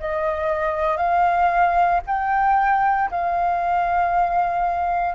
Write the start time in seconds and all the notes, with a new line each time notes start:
0.00 D#5
0.97 F5
2.07 G5
3.10 F5